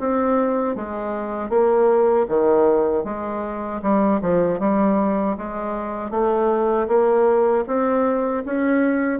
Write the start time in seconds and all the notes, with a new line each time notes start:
0.00 C4
0.76 G#3
1.50 A#3
2.29 D#3
3.04 G#3
3.83 G3
4.21 F3
4.59 G3
5.37 G#3
6.10 A3
6.88 A#3
7.67 C4
8.45 C#4